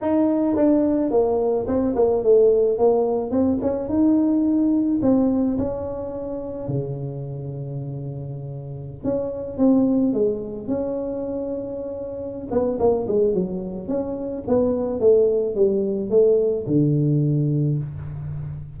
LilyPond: \new Staff \with { instrumentName = "tuba" } { \time 4/4 \tempo 4 = 108 dis'4 d'4 ais4 c'8 ais8 | a4 ais4 c'8 cis'8 dis'4~ | dis'4 c'4 cis'2 | cis1~ |
cis16 cis'4 c'4 gis4 cis'8.~ | cis'2~ cis'8 b8 ais8 gis8 | fis4 cis'4 b4 a4 | g4 a4 d2 | }